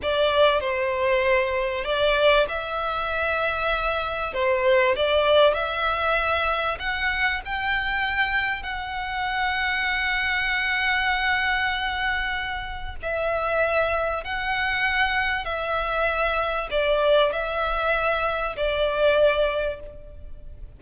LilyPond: \new Staff \with { instrumentName = "violin" } { \time 4/4 \tempo 4 = 97 d''4 c''2 d''4 | e''2. c''4 | d''4 e''2 fis''4 | g''2 fis''2~ |
fis''1~ | fis''4 e''2 fis''4~ | fis''4 e''2 d''4 | e''2 d''2 | }